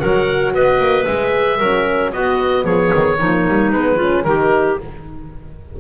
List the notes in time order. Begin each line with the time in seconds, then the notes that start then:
0.00 F#3 F#4 A#4 F#5
0.54 B3 B4 D#5
0.79 A#3
1.05 G#3 G#4 E5
1.58 F#3 C#4 A#4
2.13 B3 F#4 D#5
2.64 F3 G#4 C#5
2.94 D#3
3.19 F3 A#3 D#4
3.48 G3
3.72 G#3 B3 B4
3.96 C#4 F4
4.24 D#3 D#4 G4 A#4